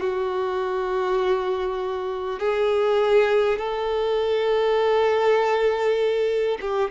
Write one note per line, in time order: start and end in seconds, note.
0.00 2.39 F#4
2.39 3.58 G#4
3.58 6.58 A4
6.61 6.91 G4